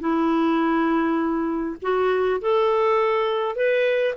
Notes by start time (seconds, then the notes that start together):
0.00 E4
1.82 F#4
2.41 A4
3.55 B4